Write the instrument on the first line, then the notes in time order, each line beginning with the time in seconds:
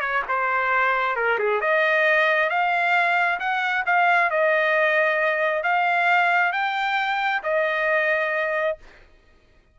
trumpet
0.00 C#5
0.28 C5
1.16 A#4
1.38 G#4
1.60 D#5
2.49 F5
3.39 F#5
3.86 F5
4.30 D#5
5.63 F5
6.52 G5
7.43 D#5